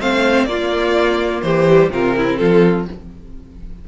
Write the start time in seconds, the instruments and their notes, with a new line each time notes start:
0.00 cello A3, viola C4, violin C5 F5
0.45 cello A#3, viola A#3, violin F4 D5
1.42 cello E3, violin G4 C5
1.69 viola G3
1.89 cello C3, viola C4, violin F4 A#4
2.16 violin E4
2.37 cello F3, violin F4 A4